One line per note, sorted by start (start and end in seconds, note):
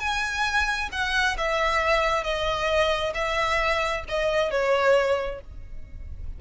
0.00 0.90 G#5
0.93 1.37 F#5
1.38 2.24 E5
2.24 3.13 D#5
3.15 4.04 E5
4.09 4.51 D#5
4.51 5.41 C#5